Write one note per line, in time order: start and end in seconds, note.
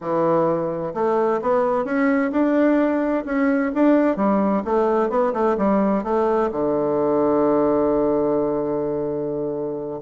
0.00 0.93 E3
0.94 1.40 A3
1.41 1.84 B3
1.84 2.31 C#4
2.31 3.24 D4
3.25 3.71 C#4
3.74 4.16 D4
4.16 4.63 G3
4.64 5.09 A3
5.09 5.33 B3
5.33 5.56 A3
5.57 6.03 G3
6.03 6.50 A3
6.51 10.00 D3